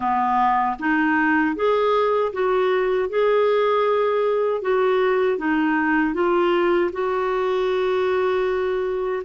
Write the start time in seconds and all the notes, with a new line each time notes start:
0.00 B3
0.79 D#4
1.55 G#4
2.32 F#4
3.09 G#4
4.61 F#4
5.37 D#4
6.14 F4
6.92 F#4